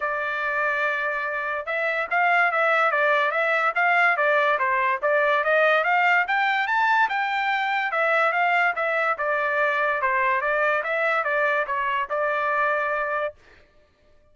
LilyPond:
\new Staff \with { instrumentName = "trumpet" } { \time 4/4 \tempo 4 = 144 d''1 | e''4 f''4 e''4 d''4 | e''4 f''4 d''4 c''4 | d''4 dis''4 f''4 g''4 |
a''4 g''2 e''4 | f''4 e''4 d''2 | c''4 d''4 e''4 d''4 | cis''4 d''2. | }